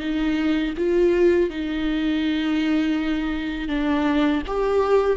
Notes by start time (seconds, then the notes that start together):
0.00 D#4
0.78 F4
1.50 D#4
3.69 D4
4.47 G4